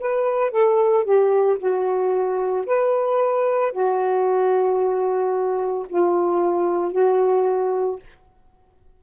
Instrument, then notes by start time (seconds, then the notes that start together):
saxophone
0.00 B4
0.51 A4
1.04 G4
1.59 F#4
2.66 B4
3.72 F#4
5.89 F4
6.92 F#4